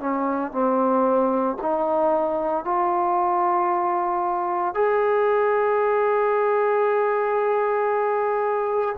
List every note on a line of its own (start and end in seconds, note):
0.00 0.52 C#4
0.52 1.57 C4
1.62 2.65 D#4
2.65 4.75 F4
4.75 8.96 G#4